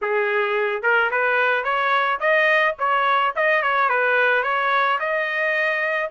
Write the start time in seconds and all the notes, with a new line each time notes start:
0.01 G#4
0.82 A#4
1.10 B4
1.63 C#5
2.19 D#5
2.79 C#5
3.35 D#5
3.62 C#5
3.89 B4
4.43 C#5
4.99 D#5